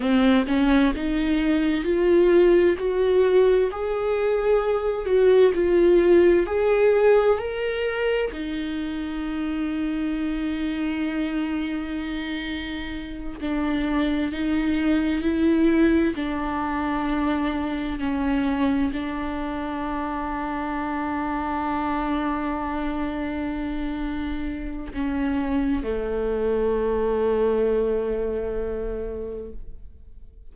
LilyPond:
\new Staff \with { instrumentName = "viola" } { \time 4/4 \tempo 4 = 65 c'8 cis'8 dis'4 f'4 fis'4 | gis'4. fis'8 f'4 gis'4 | ais'4 dis'2.~ | dis'2~ dis'8 d'4 dis'8~ |
dis'8 e'4 d'2 cis'8~ | cis'8 d'2.~ d'8~ | d'2. cis'4 | a1 | }